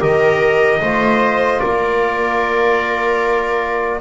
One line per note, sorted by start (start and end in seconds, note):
0.00 0.81 D#3
0.00 0.80 G4
0.00 0.81 A#4
0.00 1.60 D#5
0.81 1.61 A3
0.81 4.01 F4
0.81 1.61 C5
1.60 4.01 A#3
1.60 4.01 A#4
1.60 4.00 D5